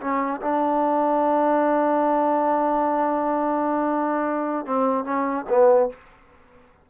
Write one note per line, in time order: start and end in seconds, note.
0.00 0.41 C#4
0.41 4.66 D4
4.66 5.04 C4
5.04 5.45 C#4
5.49 5.89 B3